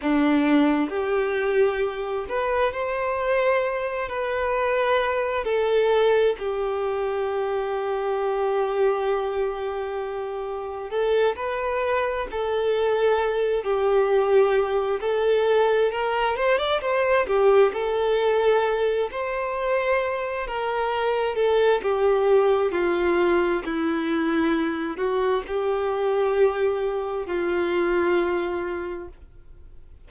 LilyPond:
\new Staff \with { instrumentName = "violin" } { \time 4/4 \tempo 4 = 66 d'4 g'4. b'8 c''4~ | c''8 b'4. a'4 g'4~ | g'1 | a'8 b'4 a'4. g'4~ |
g'8 a'4 ais'8 c''16 d''16 c''8 g'8 a'8~ | a'4 c''4. ais'4 a'8 | g'4 f'4 e'4. fis'8 | g'2 f'2 | }